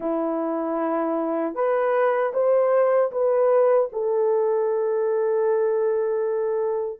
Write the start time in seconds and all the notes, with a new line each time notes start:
0.00 E4
1.54 B4
2.33 C5
3.11 B4
3.92 A4